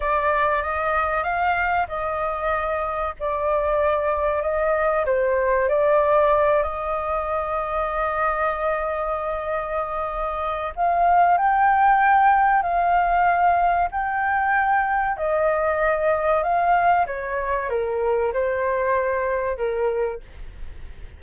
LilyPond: \new Staff \with { instrumentName = "flute" } { \time 4/4 \tempo 4 = 95 d''4 dis''4 f''4 dis''4~ | dis''4 d''2 dis''4 | c''4 d''4. dis''4.~ | dis''1~ |
dis''4 f''4 g''2 | f''2 g''2 | dis''2 f''4 cis''4 | ais'4 c''2 ais'4 | }